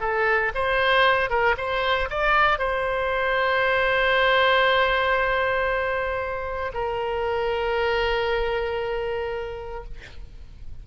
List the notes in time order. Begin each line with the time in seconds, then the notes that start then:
0.00 A4
0.54 C5
1.29 A#4
1.57 C5
2.09 D5
2.58 C5
6.73 A#4